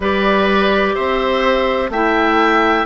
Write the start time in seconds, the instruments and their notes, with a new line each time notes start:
0.00 bassoon G3, clarinet G4, oboe B4, flute D5
0.94 bassoon C4, oboe C5, flute E5
1.89 bassoon A3, clarinet E4, oboe E5, flute G5